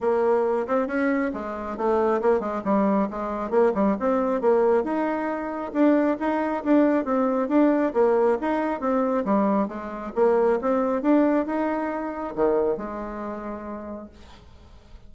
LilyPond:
\new Staff \with { instrumentName = "bassoon" } { \time 4/4 \tempo 4 = 136 ais4. c'8 cis'4 gis4 | a4 ais8 gis8 g4 gis4 | ais8 g8 c'4 ais4 dis'4~ | dis'4 d'4 dis'4 d'4 |
c'4 d'4 ais4 dis'4 | c'4 g4 gis4 ais4 | c'4 d'4 dis'2 | dis4 gis2. | }